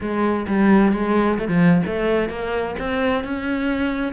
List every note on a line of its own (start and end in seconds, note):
0.00 0.46 G#3
0.47 0.92 G3
0.92 1.38 G#3
1.39 1.48 A3
1.48 1.82 F3
1.86 2.29 A3
2.29 2.75 A#3
2.78 3.24 C4
3.24 4.12 C#4